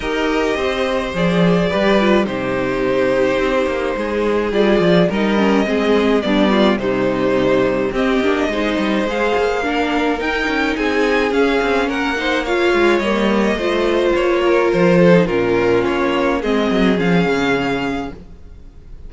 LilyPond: <<
  \new Staff \with { instrumentName = "violin" } { \time 4/4 \tempo 4 = 106 dis''2 d''2 | c''1 | d''4 dis''2 d''4 | c''2 dis''2 |
f''2 g''4 gis''4 | f''4 fis''4 f''4 dis''4~ | dis''4 cis''4 c''4 ais'4 | cis''4 dis''4 f''2 | }
  \new Staff \with { instrumentName = "violin" } { \time 4/4 ais'4 c''2 b'4 | g'2. gis'4~ | gis'4 ais'4 gis'4 d'8 f'8 | dis'2 g'4 c''4~ |
c''4 ais'2 gis'4~ | gis'4 ais'8 c''8 cis''2 | c''4. ais'4 a'8 f'4~ | f'4 gis'2. | }
  \new Staff \with { instrumentName = "viola" } { \time 4/4 g'2 gis'4 g'8 f'8 | dis'1 | f'4 dis'8 cis'8 c'4 b4 | g2 c'8 d'8 dis'4 |
gis'4 d'4 dis'2 | cis'4. dis'8 f'4 ais4 | f'2~ f'8. dis'16 cis'4~ | cis'4 c'4 cis'2 | }
  \new Staff \with { instrumentName = "cello" } { \time 4/4 dis'4 c'4 f4 g4 | c2 c'8 ais8 gis4 | g8 f8 g4 gis4 g4 | c2 c'8 ais8 gis8 g8 |
gis8 ais4. dis'8 cis'8 c'4 | cis'8 c'8 ais4. gis8 g4 | a4 ais4 f4 ais,4 | ais4 gis8 fis8 f8 cis4. | }
>>